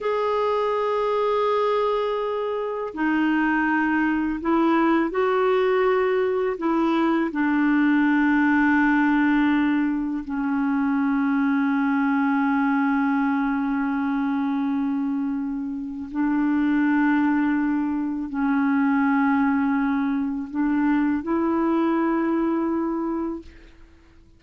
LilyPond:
\new Staff \with { instrumentName = "clarinet" } { \time 4/4 \tempo 4 = 82 gis'1 | dis'2 e'4 fis'4~ | fis'4 e'4 d'2~ | d'2 cis'2~ |
cis'1~ | cis'2 d'2~ | d'4 cis'2. | d'4 e'2. | }